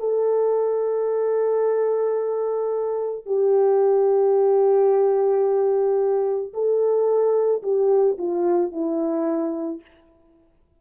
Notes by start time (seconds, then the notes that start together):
0.00 A4
3.26 G4
6.54 A4
7.63 G4
8.19 F4
8.72 E4